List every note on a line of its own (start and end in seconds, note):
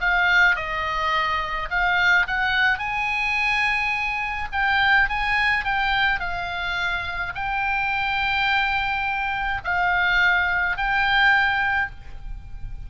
0.00 0.56 F5
0.56 1.69 D#5
1.70 2.27 F5
2.27 2.79 F#5
2.79 4.48 G#5
4.52 5.09 G5
5.09 5.64 G#5
5.64 6.20 G5
6.20 7.33 F5
7.35 9.61 G5
9.64 10.77 F5
10.77 11.90 G5